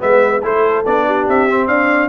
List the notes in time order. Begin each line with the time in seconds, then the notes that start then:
0.00 G#3 B3 B4 E5
0.43 A3 E4 A4 C5
0.86 B3 D4 D5
1.06 G4
1.29 C4 E5
1.49 C4
1.68 D4 D5 F5